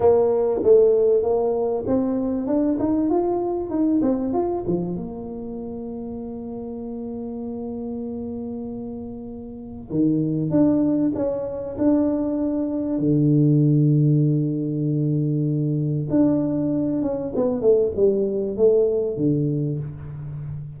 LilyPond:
\new Staff \with { instrumentName = "tuba" } { \time 4/4 \tempo 4 = 97 ais4 a4 ais4 c'4 | d'8 dis'8 f'4 dis'8 c'8 f'8 f8 | ais1~ | ais1 |
dis4 d'4 cis'4 d'4~ | d'4 d2.~ | d2 d'4. cis'8 | b8 a8 g4 a4 d4 | }